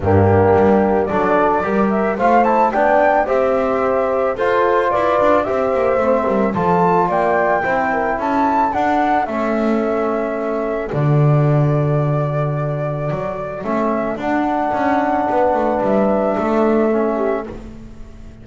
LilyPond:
<<
  \new Staff \with { instrumentName = "flute" } { \time 4/4 \tempo 4 = 110 g'2 d''4. e''8 | f''8 a''8 g''4 e''2 | c''4 d''4 e''2 | a''4 g''2 a''4 |
fis''4 e''2. | d''1~ | d''4 e''4 fis''2~ | fis''4 e''2. | }
  \new Staff \with { instrumentName = "horn" } { \time 4/4 d'2 a'4 ais'4 | c''4 d''4 c''2 | a'4 b'4 c''4. ais'8 | a'4 d''4 c''8 ais'8 a'4~ |
a'1~ | a'1~ | a'1 | b'2 a'4. g'8 | }
  \new Staff \with { instrumentName = "trombone" } { \time 4/4 ais2 d'4 g'4 | f'8 e'8 d'4 g'2 | f'2 g'4 c'4 | f'2 e'2 |
d'4 cis'2. | fis'1~ | fis'4 cis'4 d'2~ | d'2. cis'4 | }
  \new Staff \with { instrumentName = "double bass" } { \time 4/4 g,4 g4 fis4 g4 | a4 b4 c'2 | f'4 e'8 d'8 c'8 ais8 a8 g8 | f4 ais4 c'4 cis'4 |
d'4 a2. | d1 | fis4 a4 d'4 cis'4 | b8 a8 g4 a2 | }
>>